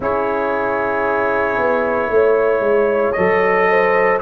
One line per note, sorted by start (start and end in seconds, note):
0.00 1.57 C#4
0.00 3.16 E4
0.00 2.11 G#4
0.00 3.12 C#5
1.57 2.09 B3
2.09 2.60 A3
2.09 3.70 C#5
2.60 3.12 G#3
3.12 4.21 F#3
3.12 4.21 A4
3.12 4.17 D#5
3.70 4.21 C5